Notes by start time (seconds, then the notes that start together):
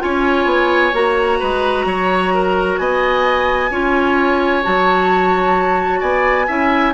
0.00 C#4 F4 C#5 G#5
0.46 B3
0.93 A#3 F#4 A#5
1.39 G#3 B4
1.86 F#3 C#5
2.34 A#4
2.78 B3 D#5 G#5
3.71 C#4 F4 C#5
4.63 F#3 F#4 A5
6.00 B3 D5 G#5
6.48 C#4 E4 E5